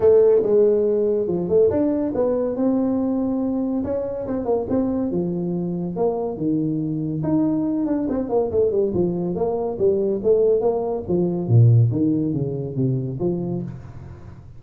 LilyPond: \new Staff \with { instrumentName = "tuba" } { \time 4/4 \tempo 4 = 141 a4 gis2 f8 a8 | d'4 b4 c'2~ | c'4 cis'4 c'8 ais8 c'4 | f2 ais4 dis4~ |
dis4 dis'4. d'8 c'8 ais8 | a8 g8 f4 ais4 g4 | a4 ais4 f4 ais,4 | dis4 cis4 c4 f4 | }